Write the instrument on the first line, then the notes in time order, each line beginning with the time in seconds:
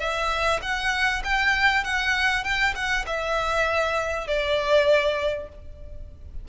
violin
0.00 E5
0.62 F#5
1.24 G5
1.84 F#5
2.44 G5
2.75 F#5
3.07 E5
4.28 D5